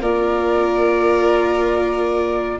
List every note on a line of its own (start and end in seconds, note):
0.00 2.58 A#3
0.00 2.59 F4
0.00 2.58 A#4
0.00 2.60 D5